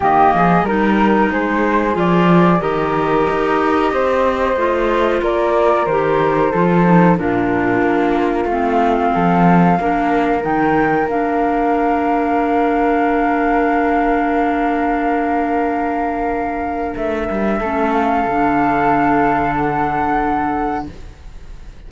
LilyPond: <<
  \new Staff \with { instrumentName = "flute" } { \time 4/4 \tempo 4 = 92 dis''4 ais'4 c''4 d''4 | dis''1 | d''4 c''2 ais'4~ | ais'4 f''2. |
g''4 f''2.~ | f''1~ | f''2 e''4. f''8~ | f''2 fis''2 | }
  \new Staff \with { instrumentName = "flute" } { \time 4/4 g'8 gis'8 ais'4 gis'2 | ais'2 c''2 | ais'2 a'4 f'4~ | f'2 a'4 ais'4~ |
ais'1~ | ais'1~ | ais'2. a'4~ | a'1 | }
  \new Staff \with { instrumentName = "clarinet" } { \time 4/4 ais4 dis'2 f'4 | g'2. f'4~ | f'4 g'4 f'8 dis'8 d'4~ | d'4 c'2 d'4 |
dis'4 d'2.~ | d'1~ | d'2. cis'4 | d'1 | }
  \new Staff \with { instrumentName = "cello" } { \time 4/4 dis8 f8 g4 gis4 f4 | dis4 dis'4 c'4 a4 | ais4 dis4 f4 ais,4 | ais4 a4 f4 ais4 |
dis4 ais2.~ | ais1~ | ais2 a8 g8 a4 | d1 | }
>>